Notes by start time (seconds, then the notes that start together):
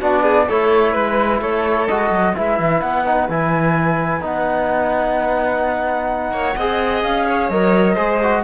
0.00 B3 D4 F#4 D5
0.22 G#4
0.48 A3 E4 A4 C#5
0.92 G#3 B4
1.41 A3 A4 C#5
1.88 G#3 F#4 D#5
2.10 F#3
2.34 G#3 E4 B4 E5
2.59 E3
2.80 B3 F#5
3.06 D#4
3.28 E3 E4 G#5
4.20 B3 D#4 F#5
6.31 A#3 C#5
6.56 C4 G#4 D#5
7.03 C#4 F5
7.28 C#5
7.49 F#3 A#4 D#5
7.94 G#3 G#4 C5
8.22 F#4